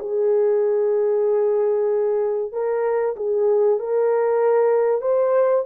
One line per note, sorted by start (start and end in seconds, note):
0.00 2.53 G#4
2.53 3.16 A#4
3.17 3.80 G#4
3.80 5.02 A#4
5.02 5.65 C5